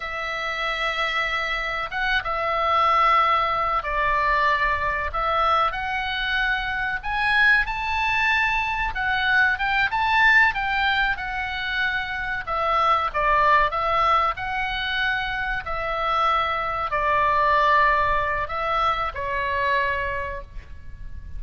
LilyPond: \new Staff \with { instrumentName = "oboe" } { \time 4/4 \tempo 4 = 94 e''2. fis''8 e''8~ | e''2 d''2 | e''4 fis''2 gis''4 | a''2 fis''4 g''8 a''8~ |
a''8 g''4 fis''2 e''8~ | e''8 d''4 e''4 fis''4.~ | fis''8 e''2 d''4.~ | d''4 e''4 cis''2 | }